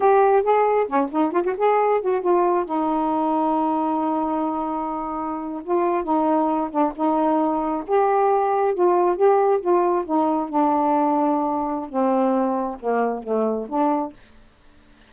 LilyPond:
\new Staff \with { instrumentName = "saxophone" } { \time 4/4 \tempo 4 = 136 g'4 gis'4 cis'8 dis'8 f'16 fis'16 gis'8~ | gis'8 fis'8 f'4 dis'2~ | dis'1~ | dis'8. f'4 dis'4. d'8 dis'16~ |
dis'4.~ dis'16 g'2 f'16~ | f'8. g'4 f'4 dis'4 d'16~ | d'2. c'4~ | c'4 ais4 a4 d'4 | }